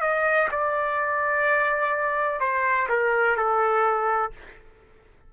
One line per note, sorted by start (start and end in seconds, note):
0.00 0.48 D#5
0.51 2.40 D5
2.40 2.87 C5
2.89 3.36 A#4
3.36 4.32 A4